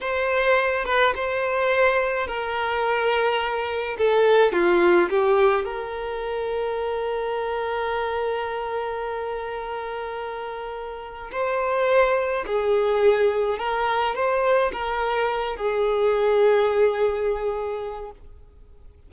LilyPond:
\new Staff \with { instrumentName = "violin" } { \time 4/4 \tempo 4 = 106 c''4. b'8 c''2 | ais'2. a'4 | f'4 g'4 ais'2~ | ais'1~ |
ais'1 | c''2 gis'2 | ais'4 c''4 ais'4. gis'8~ | gis'1 | }